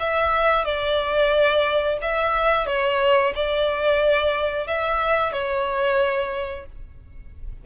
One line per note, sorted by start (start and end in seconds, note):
0.00 0.65 E5
0.65 1.98 D5
2.02 2.67 E5
2.67 3.33 C#5
3.35 4.68 D5
4.68 5.33 E5
5.33 6.66 C#5